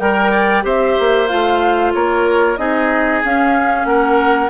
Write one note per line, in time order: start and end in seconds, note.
0.00 0.65 G3
0.00 0.63 A#4
0.00 0.32 A#4
0.00 0.65 G5
0.32 0.64 D5
0.63 0.97 C4
0.63 1.28 G4
0.63 1.94 C5
0.63 1.28 E5
1.00 1.32 A#3
1.28 1.95 A3
1.28 2.58 F4
1.28 1.93 F5
1.94 2.58 A#3
1.94 2.60 A#4
1.94 2.57 C#5
2.57 3.23 C4
2.57 3.23 D#4
2.57 3.88 G#4
2.57 3.22 D#5
3.25 3.85 C#4
3.25 4.50 C#4
3.25 3.86 F5
3.85 4.50 A#3
3.85 4.50 A#4
3.85 4.50 F#5